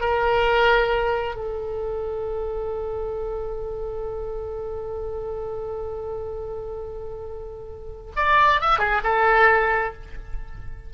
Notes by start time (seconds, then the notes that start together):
0.00 A#4
1.35 A4
8.16 D5
8.60 E5
8.78 G#4
9.03 A4